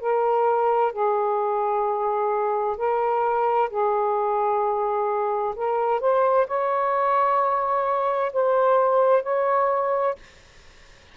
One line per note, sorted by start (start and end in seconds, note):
0.00 0.92 A#4
0.92 2.77 G#4
2.77 3.70 A#4
3.70 5.55 G#4
5.56 6.00 A#4
6.00 6.47 C5
6.47 8.32 C#5
8.33 9.23 C5
9.23 10.15 C#5